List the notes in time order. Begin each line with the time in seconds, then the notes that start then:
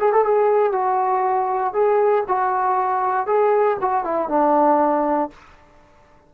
0.00 G#4
0.13 A4
0.25 G#4
0.73 F#4
1.74 G#4
2.28 F#4
3.27 G#4
3.81 F#4
4.04 E4
4.29 D4